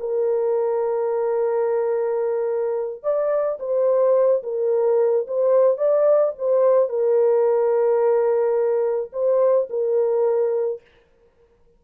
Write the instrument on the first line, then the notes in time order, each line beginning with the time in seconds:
horn
0.00 A#4
3.03 D5
3.60 C5
4.43 A#4
5.28 C5
5.78 D5
6.38 C5
6.89 A#4
9.13 C5
9.70 A#4